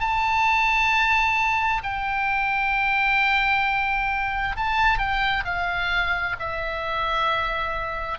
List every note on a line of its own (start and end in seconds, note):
0.00 1.82 A5
1.83 4.56 G5
4.56 4.98 A5
4.98 5.44 G5
5.45 6.36 F5
6.39 8.19 E5